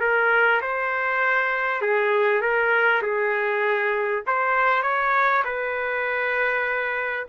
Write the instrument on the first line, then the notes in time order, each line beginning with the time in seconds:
trumpet
0.00 A#4
0.61 C5
1.81 G#4
2.41 A#4
3.02 G#4
4.26 C5
4.82 C#5
5.44 B4